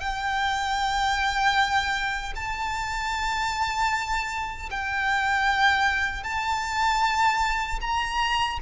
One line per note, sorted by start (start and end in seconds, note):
0.00 2.34 G5
2.36 4.70 A5
4.71 6.24 G5
6.24 7.80 A5
7.82 8.60 A#5